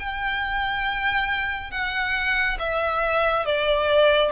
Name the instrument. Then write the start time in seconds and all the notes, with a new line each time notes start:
violin
0.00 G5
1.72 F#5
2.60 E5
3.46 D5